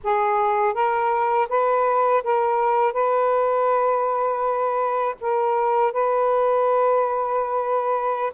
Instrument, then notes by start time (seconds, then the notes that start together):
saxophone
0.03 G#4
0.73 A#4
1.49 B4
2.23 A#4
2.93 B4
5.21 A#4
5.92 B4